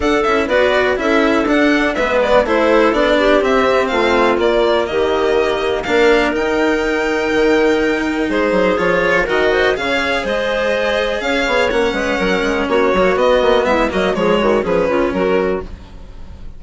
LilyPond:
<<
  \new Staff \with { instrumentName = "violin" } { \time 4/4 \tempo 4 = 123 fis''8 e''8 d''4 e''4 fis''4 | e''8 d''8 c''4 d''4 e''4 | f''4 d''4 dis''2 | f''4 g''2.~ |
g''4 c''4 cis''4 dis''4 | f''4 dis''2 f''4 | fis''2 cis''4 dis''4 | e''8 dis''8 cis''4 b'4 ais'4 | }
  \new Staff \with { instrumentName = "clarinet" } { \time 4/4 a'4 b'4 a'2 | b'4 a'4. g'4. | f'2 g'2 | ais'1~ |
ais'4 gis'2 ais'8 c''8 | cis''4 c''2 cis''4~ | cis''8 b'8 ais'4 fis'2 | e'8 fis'8 gis'8 fis'8 gis'8 f'8 fis'4 | }
  \new Staff \with { instrumentName = "cello" } { \time 4/4 d'8 e'8 fis'4 e'4 d'4 | b4 e'4 d'4 c'4~ | c'4 ais2. | d'4 dis'2.~ |
dis'2 f'4 fis'4 | gis'1 | cis'2~ cis'8 ais8 b4~ | b8 ais8 gis4 cis'2 | }
  \new Staff \with { instrumentName = "bassoon" } { \time 4/4 d'8 cis'8 b4 cis'4 d'4 | gis4 a4 b4 c'4 | a4 ais4 dis2 | ais4 dis'2 dis4~ |
dis4 gis8 fis8 f4 dis4 | cis4 gis2 cis'8 b8 | ais8 gis8 fis8 gis8 ais8 fis8 b8 ais8 | gis8 fis8 f8 dis8 f8 cis8 fis4 | }
>>